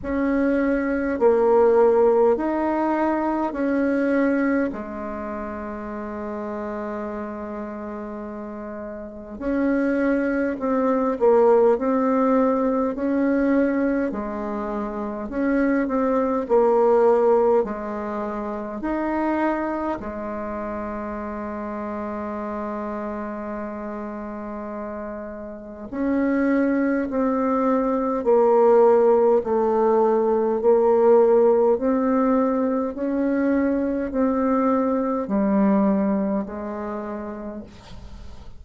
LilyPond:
\new Staff \with { instrumentName = "bassoon" } { \time 4/4 \tempo 4 = 51 cis'4 ais4 dis'4 cis'4 | gis1 | cis'4 c'8 ais8 c'4 cis'4 | gis4 cis'8 c'8 ais4 gis4 |
dis'4 gis2.~ | gis2 cis'4 c'4 | ais4 a4 ais4 c'4 | cis'4 c'4 g4 gis4 | }